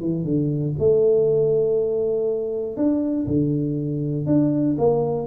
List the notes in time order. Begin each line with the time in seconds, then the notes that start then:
0.00 E3
0.25 D3
0.80 A3
2.77 D4
3.27 D3
4.27 D4
4.78 A#3